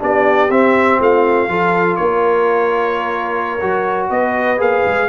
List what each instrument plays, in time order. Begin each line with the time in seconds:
0.00 tuba B3, trombone D4, horn G4, trumpet D5
0.50 tuba C4, trombone C4, trumpet E5
1.00 tuba A3, horn F4, trumpet F5
1.49 tuba F3, trombone F4, horn A4
1.96 tuba A#3, horn A#4, trumpet C#5
3.61 tuba F#3, trombone F#4
4.10 tuba B3, horn B4, trumpet D#5
4.58 tuba A#3, trombone G#4, trumpet F5
4.86 tuba G#3